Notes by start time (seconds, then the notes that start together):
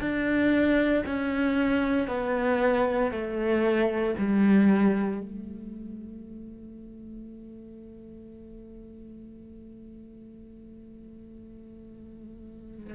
0.00 D4
1.06 C#4
2.08 B3
3.11 A3
4.18 G3
5.21 A3